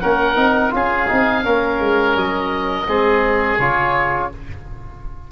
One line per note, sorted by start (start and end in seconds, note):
0.00 0.36 A#3
0.00 0.36 C#4
0.00 0.73 A#4
0.00 0.71 F#5
0.36 0.72 C4
0.36 0.71 D#4
0.71 1.09 C#4
0.71 1.06 F4
0.71 1.44 G#4
0.71 2.17 F5
1.08 1.45 C4
1.08 1.43 D#4
1.43 1.79 A#3
1.43 2.86 C#4
1.43 2.87 A#4
1.79 2.15 G#3
2.15 2.87 F#3
2.15 3.59 D#5
2.87 3.58 G#3
2.87 3.59 C4
2.87 4.31 G#4
3.58 4.30 C#3
3.58 4.32 F4
3.58 4.30 C#5